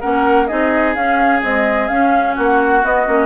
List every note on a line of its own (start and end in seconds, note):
0.00 0.51 A#3
0.00 0.48 C#4
0.00 0.47 A#4
0.00 0.47 F#5
0.47 0.95 C4
0.47 0.95 D#4
0.47 2.35 G#4
0.47 0.93 D#5
0.94 1.42 C#4
0.94 1.41 C#4
0.94 1.41 F5
1.41 1.88 G#3
1.41 1.90 C4
1.41 1.87 D#5
1.87 2.82 C#4
1.87 2.37 C#4
1.87 2.34 F5
2.35 2.83 A#3
2.35 3.26 F#4
2.35 2.84 F#5
2.82 3.05 B3
2.82 3.07 B3
2.82 3.26 D#5
3.07 3.26 A#3
3.07 3.26 C#4